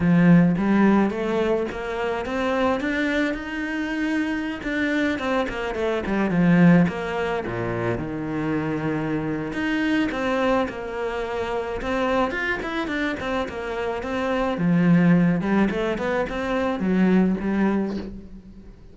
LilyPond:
\new Staff \with { instrumentName = "cello" } { \time 4/4 \tempo 4 = 107 f4 g4 a4 ais4 | c'4 d'4 dis'2~ | dis'16 d'4 c'8 ais8 a8 g8 f8.~ | f16 ais4 ais,4 dis4.~ dis16~ |
dis4 dis'4 c'4 ais4~ | ais4 c'4 f'8 e'8 d'8 c'8 | ais4 c'4 f4. g8 | a8 b8 c'4 fis4 g4 | }